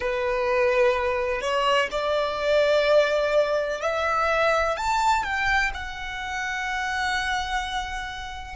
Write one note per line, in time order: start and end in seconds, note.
0.00 1.41 B4
1.41 1.88 C#5
1.90 3.81 D5
3.81 4.76 E5
4.76 5.23 A5
5.23 5.71 G5
5.74 8.55 F#5